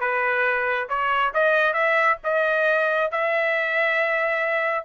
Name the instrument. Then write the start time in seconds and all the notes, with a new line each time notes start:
trumpet
0.00 B4
0.89 C#5
1.34 D#5
1.73 E5
2.24 D#5
3.11 E5